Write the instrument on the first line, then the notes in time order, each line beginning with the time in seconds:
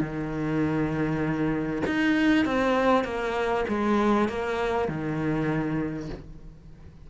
cello
0.00 D#3
1.86 D#4
2.45 C4
3.04 A#3
3.68 G#3
4.28 A#3
4.88 D#3